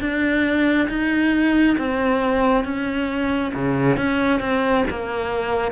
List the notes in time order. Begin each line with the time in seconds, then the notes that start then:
0.00 D4
0.88 D#4
1.78 C4
2.64 C#4
3.54 C#3
3.96 C#4
4.40 C4
4.90 A#3